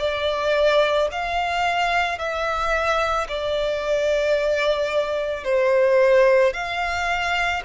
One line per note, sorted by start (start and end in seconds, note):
0.00 1.09 D5
1.12 2.19 F5
2.19 3.28 E5
3.29 5.44 D5
5.44 6.54 C5
6.54 7.63 F5